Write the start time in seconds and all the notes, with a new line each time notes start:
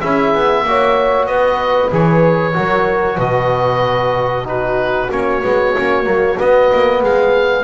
0.00 C#4 E4 G#4 E5
0.35 B3
0.64 A#3 F#4 C#5
1.26 B3 B4 D#5
1.91 E3 G#4 C#5
2.53 F#3 F#4 A#4
3.17 B2 B4 D#5
4.45 D#4 F#4 B4
5.11 A#3 C#4 C#5
5.42 G#3 B3
5.78 A#3 C#4
6.04 F#3 A#3
6.38 B3 D#5
6.73 A#3
7.02 G#3 G#4 F5